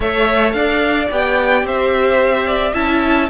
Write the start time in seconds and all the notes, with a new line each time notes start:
0.00 A3 A4 C#5 E5
0.52 D4 D5 F5
1.10 B3 G4 G5
1.63 C4 C5 E5
2.47 D5
2.73 C#4 E4 E5 A5